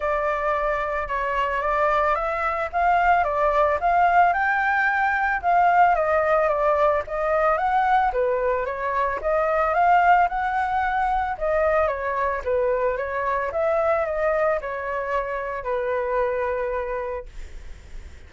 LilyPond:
\new Staff \with { instrumentName = "flute" } { \time 4/4 \tempo 4 = 111 d''2 cis''4 d''4 | e''4 f''4 d''4 f''4 | g''2 f''4 dis''4 | d''4 dis''4 fis''4 b'4 |
cis''4 dis''4 f''4 fis''4~ | fis''4 dis''4 cis''4 b'4 | cis''4 e''4 dis''4 cis''4~ | cis''4 b'2. | }